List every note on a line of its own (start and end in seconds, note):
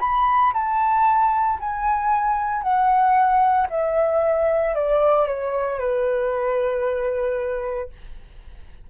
0.00 0.53 B5
0.54 1.59 A5
1.60 2.62 G#5
2.62 3.67 F#5
3.70 4.75 E5
4.75 5.27 D5
5.27 5.79 C#5
5.79 7.90 B4